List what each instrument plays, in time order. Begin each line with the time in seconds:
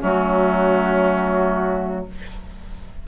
0.00 bassoon F#3, clarinet A3, oboe C#4, flute F#4